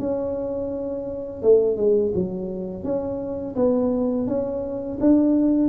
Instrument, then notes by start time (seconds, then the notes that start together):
tuba
0.00 C#4
1.43 A3
1.77 G#3
2.15 F#3
2.84 C#4
3.56 B3
4.28 C#4
5.01 D4